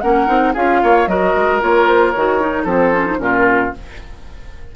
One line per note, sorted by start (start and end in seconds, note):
0.00 0.28 A#3
0.00 0.27 C#4
0.00 0.53 A#4
0.00 0.53 F#5
0.27 0.54 C4
0.27 0.53 D#4
0.53 0.82 C#4
0.53 1.07 F4
0.53 0.80 G#4
0.53 1.08 F5
0.83 1.06 A#3
0.83 1.09 C#5
1.06 1.33 F#3
1.06 1.60 F#4
1.06 2.63 A#4
1.06 1.61 D#5
1.35 1.61 G#3
1.60 2.15 A#3
1.60 2.13 F4
1.60 1.87 C#5
1.87 2.11 C5
2.11 2.64 D#3
2.11 2.40 F#4
2.11 2.64 C#5
2.40 2.66 D#4
2.63 3.17 F3
2.63 2.93 C4
2.63 3.16 A4
2.69 3.20 C5
2.93 3.06 C#4
3.06 3.18 D#4
3.18 3.72 A#2
3.18 3.71 C#4
3.18 3.75 F4
3.18 3.74 A#4